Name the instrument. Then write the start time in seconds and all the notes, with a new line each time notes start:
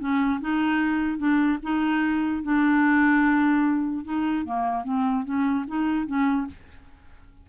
clarinet
0.00 C#4
0.41 D#4
1.18 D4
1.63 D#4
2.43 D4
4.05 D#4
4.45 A#3
4.84 C4
5.25 C#4
5.67 D#4
6.07 C#4